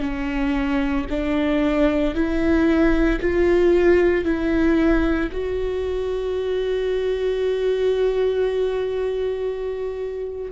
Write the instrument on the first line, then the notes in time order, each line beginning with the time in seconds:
viola
0.00 C#4
1.09 D4
2.14 E4
3.20 F4
4.24 E4
5.32 F#4